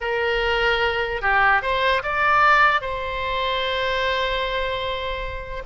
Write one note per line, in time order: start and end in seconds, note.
0.00 1.21 A#4
1.21 1.62 G4
1.62 2.02 C5
2.02 2.81 D5
2.81 5.63 C5